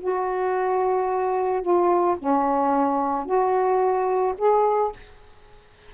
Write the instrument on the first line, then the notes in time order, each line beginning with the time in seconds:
saxophone
0.00 F#4
1.61 F4
2.18 C#4
3.25 F#4
4.37 G#4